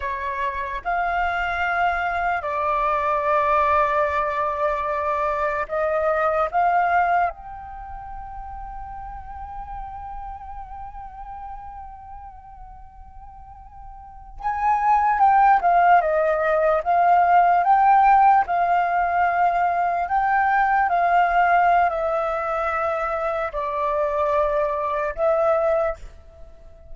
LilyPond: \new Staff \with { instrumentName = "flute" } { \time 4/4 \tempo 4 = 74 cis''4 f''2 d''4~ | d''2. dis''4 | f''4 g''2.~ | g''1~ |
g''4.~ g''16 gis''4 g''8 f''8 dis''16~ | dis''8. f''4 g''4 f''4~ f''16~ | f''8. g''4 f''4~ f''16 e''4~ | e''4 d''2 e''4 | }